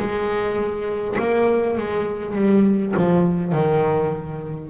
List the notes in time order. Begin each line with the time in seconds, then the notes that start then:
0.00 G#3
1.19 A#3
1.78 G#3
2.36 G3
2.97 F3
3.53 D#3